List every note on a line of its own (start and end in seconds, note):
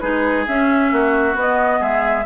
0.00 0.47 G#3
0.00 0.46 D#4
0.00 0.91 G#4
0.00 0.45 B4
0.47 1.34 C#4
0.47 0.92 C#4
0.47 1.37 E5
0.92 1.35 A#3
0.92 1.80 F#4
1.34 2.24 B3
1.34 1.79 B3
1.34 1.83 D#5
1.80 2.26 G#3
1.80 2.25 G#4
1.80 2.26 E5